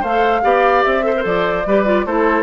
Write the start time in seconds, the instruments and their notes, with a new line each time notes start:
0.00 bassoon A3, clarinet A4, oboe C5, flute F5
0.42 bassoon B3, clarinet G4, oboe D5
0.83 bassoon C4, flute E5
1.03 clarinet A4, oboe C5
1.16 clarinet A4 A#4
1.24 bassoon F3, flute D5
1.66 bassoon G3, clarinet G4, oboe B4
1.85 clarinet F4
2.06 bassoon A3, clarinet E4, oboe A4, flute C5